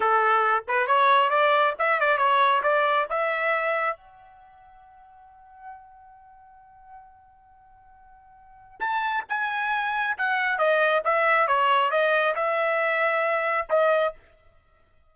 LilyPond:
\new Staff \with { instrumentName = "trumpet" } { \time 4/4 \tempo 4 = 136 a'4. b'8 cis''4 d''4 | e''8 d''8 cis''4 d''4 e''4~ | e''4 fis''2.~ | fis''1~ |
fis''1 | a''4 gis''2 fis''4 | dis''4 e''4 cis''4 dis''4 | e''2. dis''4 | }